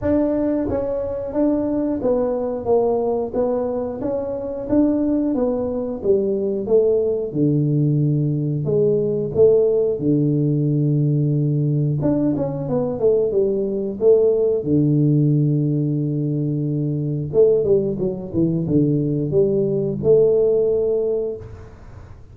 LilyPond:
\new Staff \with { instrumentName = "tuba" } { \time 4/4 \tempo 4 = 90 d'4 cis'4 d'4 b4 | ais4 b4 cis'4 d'4 | b4 g4 a4 d4~ | d4 gis4 a4 d4~ |
d2 d'8 cis'8 b8 a8 | g4 a4 d2~ | d2 a8 g8 fis8 e8 | d4 g4 a2 | }